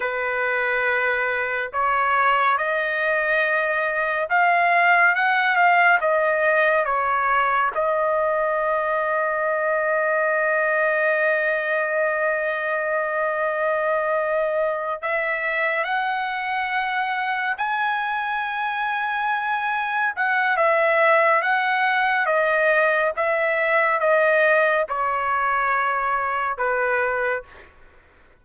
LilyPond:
\new Staff \with { instrumentName = "trumpet" } { \time 4/4 \tempo 4 = 70 b'2 cis''4 dis''4~ | dis''4 f''4 fis''8 f''8 dis''4 | cis''4 dis''2.~ | dis''1~ |
dis''4. e''4 fis''4.~ | fis''8 gis''2. fis''8 | e''4 fis''4 dis''4 e''4 | dis''4 cis''2 b'4 | }